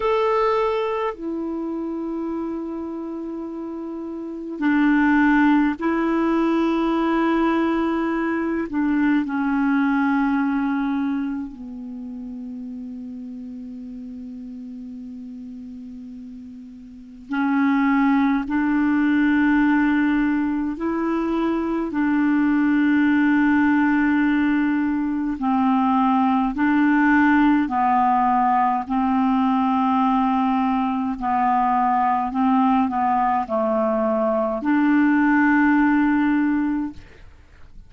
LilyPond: \new Staff \with { instrumentName = "clarinet" } { \time 4/4 \tempo 4 = 52 a'4 e'2. | d'4 e'2~ e'8 d'8 | cis'2 b2~ | b2. cis'4 |
d'2 e'4 d'4~ | d'2 c'4 d'4 | b4 c'2 b4 | c'8 b8 a4 d'2 | }